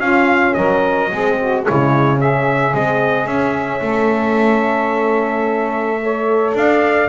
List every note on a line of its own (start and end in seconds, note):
0.00 0.55 C#4
0.00 1.10 C#4
0.00 0.56 F4
0.00 0.54 F5
0.54 1.11 F#3
0.54 1.11 A#4
0.54 1.63 D#5
1.11 1.67 G#3
1.11 1.64 C4
1.11 1.38 G#4
1.38 1.65 F#4
1.64 2.16 G#3
1.64 2.18 E4
1.64 2.19 C#5
1.70 2.74 C#3
2.16 2.71 C#4
2.16 3.81 G#4
2.16 2.75 E5
2.74 3.26 G#3
2.74 3.27 C4
2.74 3.27 D#5
3.26 3.80 C#4
3.26 6.00 C#4
3.26 6.54 E5
3.81 6.53 A3
3.81 6.01 A4
6.02 7.09 A4
6.02 6.56 C#5
6.54 7.09 D4
6.54 7.09 D5
6.54 7.09 F5